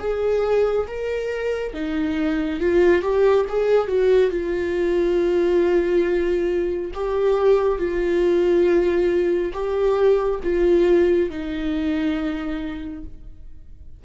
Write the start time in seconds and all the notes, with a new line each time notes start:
0.00 G#4
0.87 A#4
1.74 D#4
2.60 F4
3.02 G4
3.49 G#4
3.88 F#4
4.31 F4
6.94 G4
7.79 F4
9.53 G4
10.43 F4
11.30 D#4